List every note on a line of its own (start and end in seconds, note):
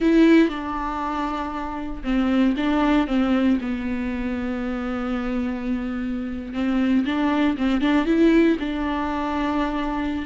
0.00 0.48 E4
0.48 2.02 D4
2.03 2.55 C4
2.56 3.07 D4
3.07 3.58 C4
3.61 6.53 B3
6.53 7.04 C4
7.05 7.56 D4
7.57 7.81 C4
7.81 8.05 D4
8.05 8.57 E4
8.59 10.25 D4